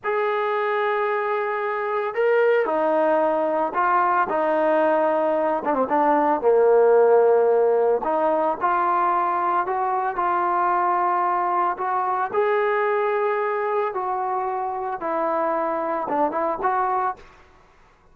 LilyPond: \new Staff \with { instrumentName = "trombone" } { \time 4/4 \tempo 4 = 112 gis'1 | ais'4 dis'2 f'4 | dis'2~ dis'8 d'16 c'16 d'4 | ais2. dis'4 |
f'2 fis'4 f'4~ | f'2 fis'4 gis'4~ | gis'2 fis'2 | e'2 d'8 e'8 fis'4 | }